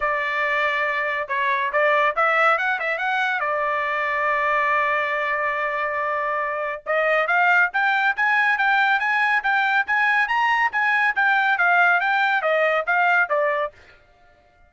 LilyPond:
\new Staff \with { instrumentName = "trumpet" } { \time 4/4 \tempo 4 = 140 d''2. cis''4 | d''4 e''4 fis''8 e''8 fis''4 | d''1~ | d''1 |
dis''4 f''4 g''4 gis''4 | g''4 gis''4 g''4 gis''4 | ais''4 gis''4 g''4 f''4 | g''4 dis''4 f''4 d''4 | }